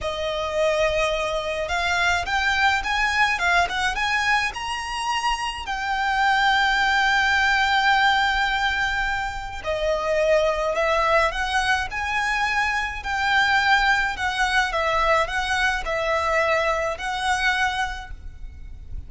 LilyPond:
\new Staff \with { instrumentName = "violin" } { \time 4/4 \tempo 4 = 106 dis''2. f''4 | g''4 gis''4 f''8 fis''8 gis''4 | ais''2 g''2~ | g''1~ |
g''4 dis''2 e''4 | fis''4 gis''2 g''4~ | g''4 fis''4 e''4 fis''4 | e''2 fis''2 | }